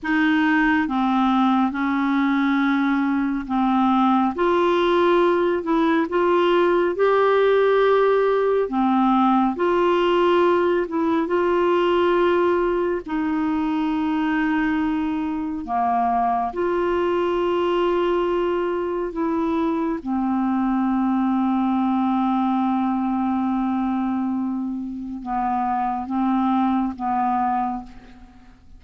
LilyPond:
\new Staff \with { instrumentName = "clarinet" } { \time 4/4 \tempo 4 = 69 dis'4 c'4 cis'2 | c'4 f'4. e'8 f'4 | g'2 c'4 f'4~ | f'8 e'8 f'2 dis'4~ |
dis'2 ais4 f'4~ | f'2 e'4 c'4~ | c'1~ | c'4 b4 c'4 b4 | }